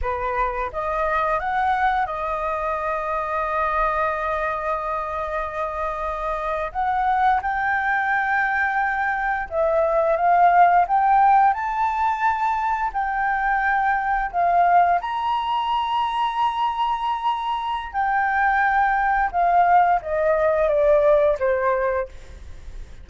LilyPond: \new Staff \with { instrumentName = "flute" } { \time 4/4 \tempo 4 = 87 b'4 dis''4 fis''4 dis''4~ | dis''1~ | dis''4.~ dis''16 fis''4 g''4~ g''16~ | g''4.~ g''16 e''4 f''4 g''16~ |
g''8. a''2 g''4~ g''16~ | g''8. f''4 ais''2~ ais''16~ | ais''2 g''2 | f''4 dis''4 d''4 c''4 | }